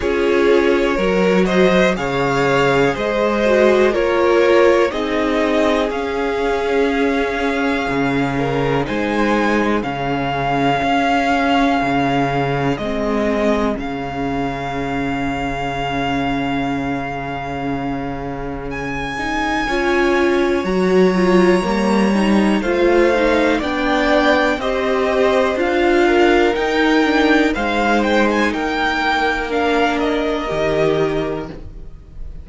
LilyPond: <<
  \new Staff \with { instrumentName = "violin" } { \time 4/4 \tempo 4 = 61 cis''4. dis''8 f''4 dis''4 | cis''4 dis''4 f''2~ | f''4 gis''4 f''2~ | f''4 dis''4 f''2~ |
f''2. gis''4~ | gis''4 ais''2 f''4 | g''4 dis''4 f''4 g''4 | f''8 g''16 gis''16 g''4 f''8 dis''4. | }
  \new Staff \with { instrumentName = "violin" } { \time 4/4 gis'4 ais'8 c''8 cis''4 c''4 | ais'4 gis'2.~ | gis'8 ais'8 c''4 gis'2~ | gis'1~ |
gis'1 | cis''2. c''4 | d''4 c''4. ais'4. | c''4 ais'2. | }
  \new Staff \with { instrumentName = "viola" } { \time 4/4 f'4 fis'4 gis'4. fis'8 | f'4 dis'4 cis'2~ | cis'4 dis'4 cis'2~ | cis'4 c'4 cis'2~ |
cis'2.~ cis'8 dis'8 | f'4 fis'8 f'8 ais8 dis'8 f'8 dis'8 | d'4 g'4 f'4 dis'8 d'8 | dis'2 d'4 g'4 | }
  \new Staff \with { instrumentName = "cello" } { \time 4/4 cis'4 fis4 cis4 gis4 | ais4 c'4 cis'2 | cis4 gis4 cis4 cis'4 | cis4 gis4 cis2~ |
cis1 | cis'4 fis4 g4 a4 | b4 c'4 d'4 dis'4 | gis4 ais2 dis4 | }
>>